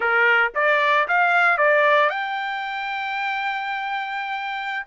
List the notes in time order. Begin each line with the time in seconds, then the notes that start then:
0.00 A#4
0.55 D5
1.08 F5
1.57 D5
2.09 G5